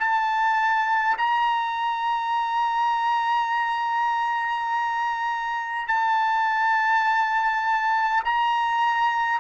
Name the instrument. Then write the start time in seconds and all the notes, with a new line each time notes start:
trumpet
0.00 A5
1.18 A#5
5.88 A5
8.25 A#5